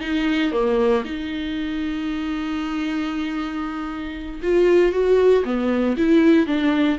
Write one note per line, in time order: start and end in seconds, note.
0.00 0.51 D#4
0.51 1.03 A#3
1.04 4.40 D#4
4.42 4.92 F4
4.92 5.43 F#4
5.44 5.96 B3
5.96 6.46 E4
6.46 6.98 D4